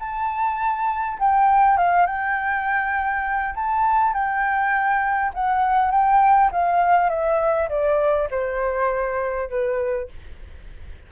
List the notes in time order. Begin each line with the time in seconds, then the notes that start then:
0.00 A5
1.19 G5
1.78 F5
2.07 G5
3.55 A5
4.14 G5
5.34 F#5
5.92 G5
6.52 F5
7.10 E5
7.70 D5
8.31 C5
9.50 B4